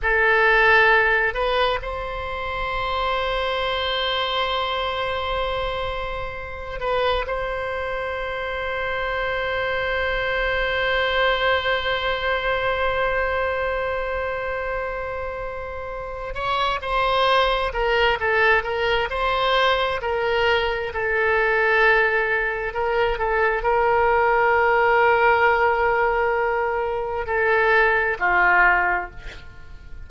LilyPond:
\new Staff \with { instrumentName = "oboe" } { \time 4/4 \tempo 4 = 66 a'4. b'8 c''2~ | c''2.~ c''8 b'8 | c''1~ | c''1~ |
c''2 cis''8 c''4 ais'8 | a'8 ais'8 c''4 ais'4 a'4~ | a'4 ais'8 a'8 ais'2~ | ais'2 a'4 f'4 | }